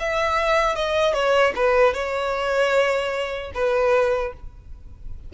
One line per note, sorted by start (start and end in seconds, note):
0.00 0.76 E5
0.76 1.14 D#5
1.14 1.53 C#5
1.56 1.94 B4
1.94 3.52 C#5
3.55 4.33 B4